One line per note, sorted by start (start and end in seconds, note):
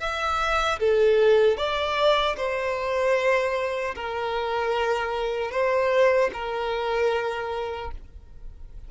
0.00 0.79 E5
0.80 1.57 A4
1.57 2.36 D5
2.37 3.95 C5
3.95 5.52 A#4
5.52 6.31 C5
6.33 7.91 A#4